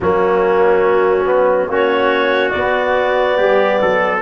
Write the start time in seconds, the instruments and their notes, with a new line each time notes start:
0.00 tuba F#3, trombone A#3, trumpet C#4, clarinet F#4
1.25 trombone B3
1.67 tuba A#3, trombone C#4, trumpet F#4, clarinet C#5
2.49 tuba B3, trombone B3, clarinet D5
3.37 tuba G3, trumpet G4
3.81 tuba F#3, trumpet A4